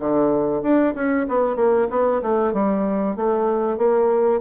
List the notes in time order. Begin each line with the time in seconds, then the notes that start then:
0.00 D3
0.63 D4
0.95 C#4
1.29 B3
1.56 A#3
1.90 B3
2.22 A3
2.54 G3
3.16 A3
3.78 A#3